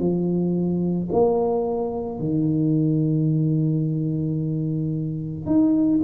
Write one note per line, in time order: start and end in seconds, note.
0.00 1.09 F3
1.12 2.20 A#3
2.20 5.46 D#3
5.46 6.01 D#4